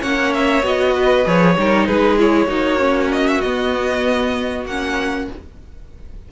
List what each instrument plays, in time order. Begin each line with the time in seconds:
0.00 cello A#3, viola C#4, violin C#5 F#5
0.33 violin E5
0.62 cello B3, viola F#4, violin D#5
0.94 violin B4
1.25 cello F3, viola G#4, violin C#5
1.57 cello G3, viola D#4, violin A#4
1.87 cello G#3, violin G#4 B4
2.18 viola E4, violin C#5
2.47 cello A#3, viola D#4, violin F#4
2.78 viola C#4
3.12 violin D#5
3.27 violin E5
3.40 viola B3, cello B3, violin D#5
4.65 cello A#3, viola C#4, violin F#5